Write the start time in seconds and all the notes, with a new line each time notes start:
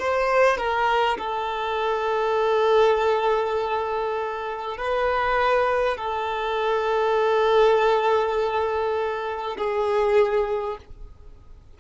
0.00 C5
0.58 A#4
1.18 A4
4.78 B4
5.98 A4
9.58 G#4